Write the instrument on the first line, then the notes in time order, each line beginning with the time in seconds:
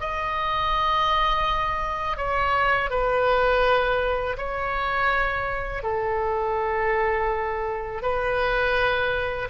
oboe
0.00 D#5
2.17 C#5
2.90 B4
4.37 C#5
5.83 A4
8.02 B4